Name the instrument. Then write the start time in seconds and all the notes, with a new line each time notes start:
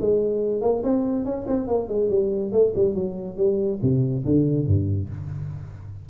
tuba
0.00 G#3
0.61 A#3
0.83 C4
1.25 C#4
1.47 C4
1.67 A#3
1.88 G#3
2.09 G3
2.52 A3
2.75 G3
2.94 F#3
3.37 G3
3.82 C3
4.25 D3
4.66 G2